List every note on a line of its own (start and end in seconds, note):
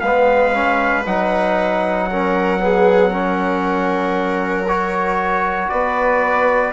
0.00 1.05 G#3
0.00 0.53 B3
0.00 2.07 B4
0.00 1.04 F5
0.53 1.05 C#4
1.05 5.71 F#3
1.05 2.10 D#4
1.05 4.67 F#5
2.10 2.59 C#4
2.10 2.62 A#4
2.59 3.11 B3
2.59 3.11 G#4
3.11 4.66 C#4
3.11 5.69 A#4
4.67 6.73 F#4
4.67 5.69 C#5
5.69 6.73 B3
5.69 6.73 B4
5.69 6.73 D5